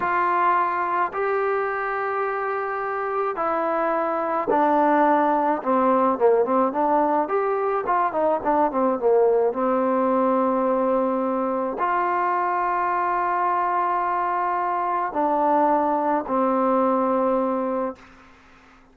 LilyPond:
\new Staff \with { instrumentName = "trombone" } { \time 4/4 \tempo 4 = 107 f'2 g'2~ | g'2 e'2 | d'2 c'4 ais8 c'8 | d'4 g'4 f'8 dis'8 d'8 c'8 |
ais4 c'2.~ | c'4 f'2.~ | f'2. d'4~ | d'4 c'2. | }